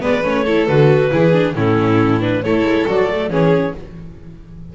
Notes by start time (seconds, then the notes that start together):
0.00 G#3 B3 B4 D5
0.24 A3 C#4 C#5
0.44 E4 A4
0.67 D3 F#4 B4
1.11 E3 E4 G#4
1.32 D4
1.55 A2 C#4 E4 A4
2.20 D4 B4
2.43 A3 E4 A4 C#5
2.63 G#3
2.87 F#3 F#4 D5
3.09 A3
3.30 E3 C#4 G#4 C#5